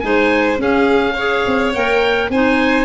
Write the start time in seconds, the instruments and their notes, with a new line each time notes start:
0.00 tuba G#3, clarinet D#4, violin C5, oboe G#5
0.58 clarinet C#4, tuba C#4, violin G#4, oboe F5
1.14 clarinet G#4, violin C#5
1.47 tuba C4
1.74 tuba A#3, clarinet A#4, oboe G5
2.30 tuba C4, clarinet D#4, violin C5, oboe G#5